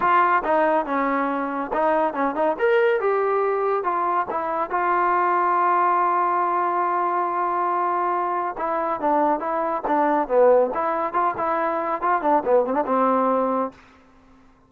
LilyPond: \new Staff \with { instrumentName = "trombone" } { \time 4/4 \tempo 4 = 140 f'4 dis'4 cis'2 | dis'4 cis'8 dis'8 ais'4 g'4~ | g'4 f'4 e'4 f'4~ | f'1~ |
f'1 | e'4 d'4 e'4 d'4 | b4 e'4 f'8 e'4. | f'8 d'8 b8 c'16 d'16 c'2 | }